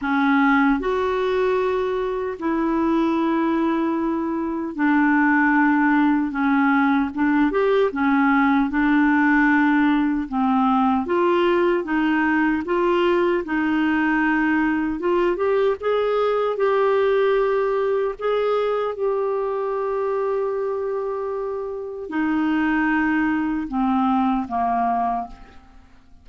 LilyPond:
\new Staff \with { instrumentName = "clarinet" } { \time 4/4 \tempo 4 = 76 cis'4 fis'2 e'4~ | e'2 d'2 | cis'4 d'8 g'8 cis'4 d'4~ | d'4 c'4 f'4 dis'4 |
f'4 dis'2 f'8 g'8 | gis'4 g'2 gis'4 | g'1 | dis'2 c'4 ais4 | }